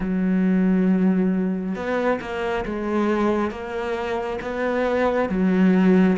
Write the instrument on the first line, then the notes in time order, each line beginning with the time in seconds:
cello
0.00 F#3
1.75 B3
2.21 A#3
2.65 G#3
3.51 A#3
4.41 B3
5.29 F#3